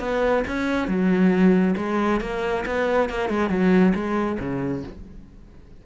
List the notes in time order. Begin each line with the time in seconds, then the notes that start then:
0.00 B3
0.48 C#4
0.88 F#3
1.77 G#3
2.21 A#3
2.66 B3
3.10 A#3
3.30 G#3
3.50 F#3
3.95 G#3
4.40 C#3